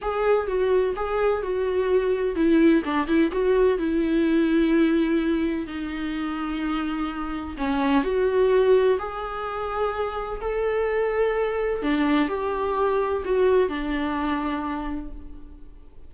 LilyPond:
\new Staff \with { instrumentName = "viola" } { \time 4/4 \tempo 4 = 127 gis'4 fis'4 gis'4 fis'4~ | fis'4 e'4 d'8 e'8 fis'4 | e'1 | dis'1 |
cis'4 fis'2 gis'4~ | gis'2 a'2~ | a'4 d'4 g'2 | fis'4 d'2. | }